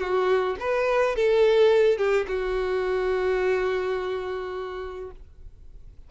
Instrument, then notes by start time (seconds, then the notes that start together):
violin
0.00 F#4
0.60 B4
1.16 A4
1.98 G4
2.28 F#4